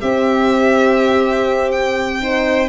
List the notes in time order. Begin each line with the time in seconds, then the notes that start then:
0.00 C4 G4 E5
1.72 G5
2.21 D#4 C5